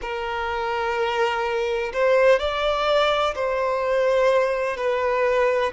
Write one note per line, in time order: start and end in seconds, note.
0.01 1.92 A#4
1.93 2.39 C5
2.39 3.34 D5
3.35 4.77 C5
4.77 5.72 B4